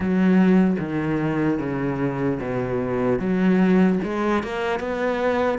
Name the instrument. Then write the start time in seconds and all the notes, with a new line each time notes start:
cello
0.00 F#3
0.79 D#3
1.59 C#3
2.40 B2
3.19 F#3
4.03 G#3
4.43 A#3
4.79 B3